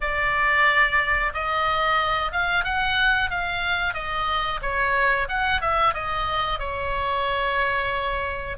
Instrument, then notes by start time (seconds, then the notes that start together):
oboe
0.01 D5
1.33 D#5
2.32 F5
2.64 F#5
3.30 F5
3.94 D#5
4.62 C#5
5.28 F#5
5.61 E5
5.93 D#5
6.59 C#5